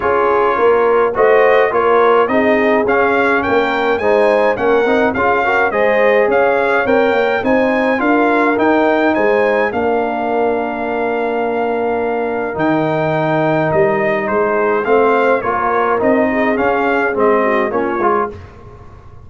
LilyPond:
<<
  \new Staff \with { instrumentName = "trumpet" } { \time 4/4 \tempo 4 = 105 cis''2 dis''4 cis''4 | dis''4 f''4 g''4 gis''4 | fis''4 f''4 dis''4 f''4 | g''4 gis''4 f''4 g''4 |
gis''4 f''2.~ | f''2 g''2 | dis''4 c''4 f''4 cis''4 | dis''4 f''4 dis''4 cis''4 | }
  \new Staff \with { instrumentName = "horn" } { \time 4/4 gis'4 ais'4 c''4 ais'4 | gis'2 ais'4 c''4 | ais'4 gis'8 ais'8 c''4 cis''4~ | cis''4 c''4 ais'2 |
c''4 ais'2.~ | ais'1~ | ais'4 gis'4 c''4 ais'4~ | ais'8 gis'2 fis'8 f'4 | }
  \new Staff \with { instrumentName = "trombone" } { \time 4/4 f'2 fis'4 f'4 | dis'4 cis'2 dis'4 | cis'8 dis'8 f'8 fis'8 gis'2 | ais'4 dis'4 f'4 dis'4~ |
dis'4 d'2.~ | d'2 dis'2~ | dis'2 c'4 f'4 | dis'4 cis'4 c'4 cis'8 f'8 | }
  \new Staff \with { instrumentName = "tuba" } { \time 4/4 cis'4 ais4 a4 ais4 | c'4 cis'4 ais4 gis4 | ais8 c'8 cis'4 gis4 cis'4 | c'8 ais8 c'4 d'4 dis'4 |
gis4 ais2.~ | ais2 dis2 | g4 gis4 a4 ais4 | c'4 cis'4 gis4 ais8 gis8 | }
>>